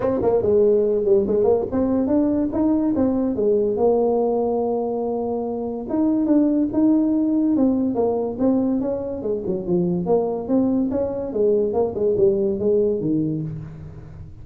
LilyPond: \new Staff \with { instrumentName = "tuba" } { \time 4/4 \tempo 4 = 143 c'8 ais8 gis4. g8 gis8 ais8 | c'4 d'4 dis'4 c'4 | gis4 ais2.~ | ais2 dis'4 d'4 |
dis'2 c'4 ais4 | c'4 cis'4 gis8 fis8 f4 | ais4 c'4 cis'4 gis4 | ais8 gis8 g4 gis4 dis4 | }